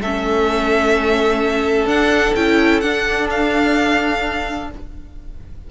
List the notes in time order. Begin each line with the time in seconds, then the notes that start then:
0.00 A3 C#4 A4 E5
1.85 D4 F#5
2.35 C#4 E4 G5
2.80 D4 F#5
3.30 F5